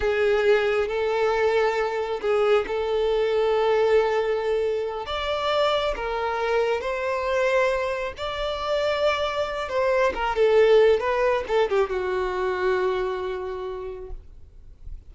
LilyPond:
\new Staff \with { instrumentName = "violin" } { \time 4/4 \tempo 4 = 136 gis'2 a'2~ | a'4 gis'4 a'2~ | a'2.~ a'8 d''8~ | d''4. ais'2 c''8~ |
c''2~ c''8 d''4.~ | d''2 c''4 ais'8 a'8~ | a'4 b'4 a'8 g'8 fis'4~ | fis'1 | }